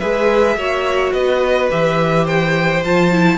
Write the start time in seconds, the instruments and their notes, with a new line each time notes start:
0.00 cello G#3, viola G#4, violin B4 E5
0.57 cello A#3, viola F#4, violin C#5
1.13 cello B3, violin B4 D#5
1.71 cello E3, viola G4, violin E5
2.25 violin C5 G5
2.84 cello F3, viola F4, violin A5
3.12 viola E4